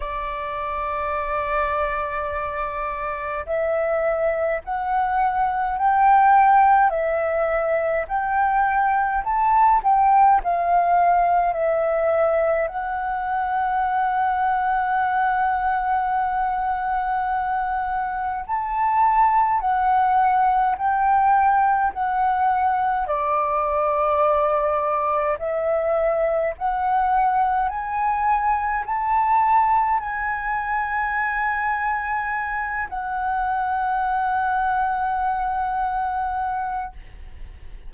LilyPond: \new Staff \with { instrumentName = "flute" } { \time 4/4 \tempo 4 = 52 d''2. e''4 | fis''4 g''4 e''4 g''4 | a''8 g''8 f''4 e''4 fis''4~ | fis''1 |
a''4 fis''4 g''4 fis''4 | d''2 e''4 fis''4 | gis''4 a''4 gis''2~ | gis''8 fis''2.~ fis''8 | }